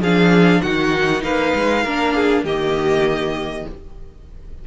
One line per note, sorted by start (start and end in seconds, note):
0.00 0.61 F3
0.00 0.64 D4
0.00 0.61 G#4
0.00 0.62 F5
0.62 1.23 D#3
0.62 1.85 D#4
0.62 1.23 F#4
0.62 1.22 F#5
1.23 1.53 A#3
1.23 1.84 B4
1.23 2.44 F5
1.54 1.84 G#3
1.84 2.44 A#3
1.84 2.46 D4
1.84 2.14 A#4
2.15 2.44 G#4
2.44 3.65 D#3
2.44 3.67 A#3
2.44 3.65 G4
2.44 3.67 D#5